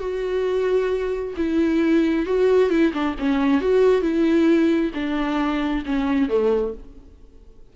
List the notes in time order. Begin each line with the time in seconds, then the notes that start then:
0.00 F#4
1.37 E4
2.26 F#4
2.70 E4
2.93 D4
3.19 C#4
3.61 F#4
4.02 E4
4.94 D4
5.86 C#4
6.29 A3